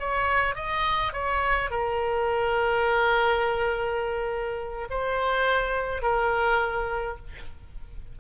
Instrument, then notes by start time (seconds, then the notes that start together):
oboe
0.00 C#5
0.56 D#5
1.13 C#5
1.71 A#4
4.90 C5
6.02 A#4